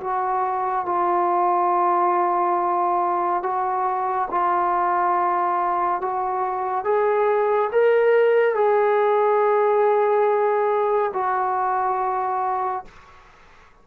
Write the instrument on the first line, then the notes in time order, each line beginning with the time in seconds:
trombone
0.00 F#4
0.85 F4
3.42 F#4
4.31 F4
6.01 F#4
6.84 G#4
7.71 A#4
8.54 G#4
11.13 F#4